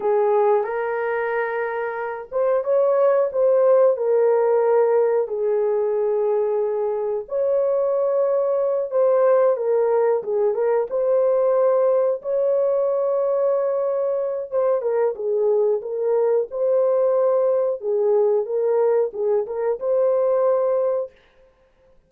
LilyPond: \new Staff \with { instrumentName = "horn" } { \time 4/4 \tempo 4 = 91 gis'4 ais'2~ ais'8 c''8 | cis''4 c''4 ais'2 | gis'2. cis''4~ | cis''4. c''4 ais'4 gis'8 |
ais'8 c''2 cis''4.~ | cis''2 c''8 ais'8 gis'4 | ais'4 c''2 gis'4 | ais'4 gis'8 ais'8 c''2 | }